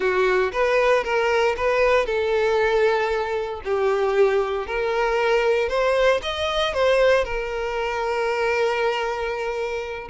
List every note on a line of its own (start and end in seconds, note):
0.00 0.51 F#4
0.52 1.03 B4
1.03 1.55 A#4
1.56 2.05 B4
2.05 3.61 A4
3.64 4.66 G4
4.66 5.68 A#4
5.68 6.20 C5
6.22 6.73 D#5
6.73 7.24 C5
7.24 10.09 A#4